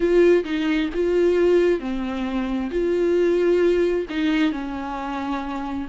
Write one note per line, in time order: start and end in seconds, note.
0.00 0.44 F4
0.44 0.89 D#4
0.94 1.80 F4
1.80 2.70 C4
2.70 4.06 F4
4.09 4.51 D#4
4.51 5.87 C#4